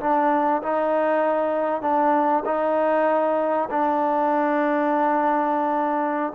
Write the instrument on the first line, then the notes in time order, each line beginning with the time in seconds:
trombone
0.00 D4
0.62 D#4
1.81 D4
2.45 D#4
3.70 D4